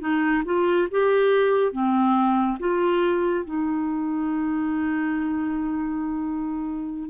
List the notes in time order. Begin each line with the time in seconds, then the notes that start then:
0.00 D#4
0.45 F4
0.91 G4
1.72 C4
2.59 F4
3.45 D#4